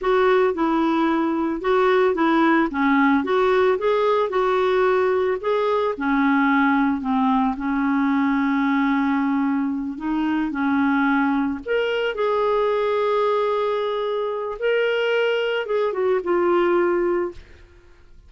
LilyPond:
\new Staff \with { instrumentName = "clarinet" } { \time 4/4 \tempo 4 = 111 fis'4 e'2 fis'4 | e'4 cis'4 fis'4 gis'4 | fis'2 gis'4 cis'4~ | cis'4 c'4 cis'2~ |
cis'2~ cis'8 dis'4 cis'8~ | cis'4. ais'4 gis'4.~ | gis'2. ais'4~ | ais'4 gis'8 fis'8 f'2 | }